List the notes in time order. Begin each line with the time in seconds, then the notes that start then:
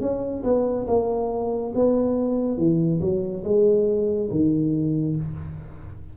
0.00 C#4
0.44 B3
0.87 A#3
1.75 B3
2.58 E3
3.01 F#3
3.44 G#3
4.30 D#3